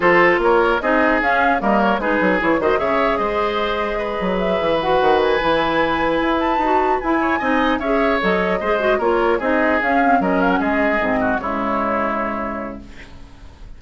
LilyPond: <<
  \new Staff \with { instrumentName = "flute" } { \time 4/4 \tempo 4 = 150 c''4 cis''4 dis''4 f''4 | dis''8 cis''8 b'4 cis''8 dis''8 e''4 | dis''2. e''4 | fis''4 gis''2. |
a''4. gis''2 e''8~ | e''8 dis''2 cis''4 dis''8~ | dis''8 f''4 dis''8 f''16 fis''16 dis''4.~ | dis''8 cis''2.~ cis''8 | }
  \new Staff \with { instrumentName = "oboe" } { \time 4/4 a'4 ais'4 gis'2 | ais'4 gis'4. c''8 cis''4 | c''2 b'2~ | b'1~ |
b'2 cis''8 dis''4 cis''8~ | cis''4. c''4 ais'4 gis'8~ | gis'4. ais'4 gis'4. | fis'8 e'2.~ e'8 | }
  \new Staff \with { instrumentName = "clarinet" } { \time 4/4 f'2 dis'4 cis'4 | ais4 dis'4 e'8 fis'8 gis'4~ | gis'1 | fis'4. e'2~ e'8~ |
e'8 fis'4 e'4 dis'4 gis'8~ | gis'8 a'4 gis'8 fis'8 f'4 dis'8~ | dis'8 cis'8 c'8 cis'2 c'8~ | c'8 gis2.~ gis8 | }
  \new Staff \with { instrumentName = "bassoon" } { \time 4/4 f4 ais4 c'4 cis'4 | g4 gis8 fis8 e8 dis8 cis4 | gis2~ gis8 fis4 e8~ | e8 dis4 e2 e'8~ |
e'8 dis'4 e'4 c'4 cis'8~ | cis'8 fis4 gis4 ais4 c'8~ | c'8 cis'4 fis4 gis4 gis,8~ | gis,8 cis2.~ cis8 | }
>>